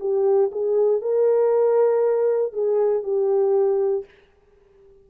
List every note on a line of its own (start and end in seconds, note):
0.00 0.51 G4
0.52 1.02 G#4
1.02 2.53 A#4
2.53 3.03 G#4
3.03 4.05 G4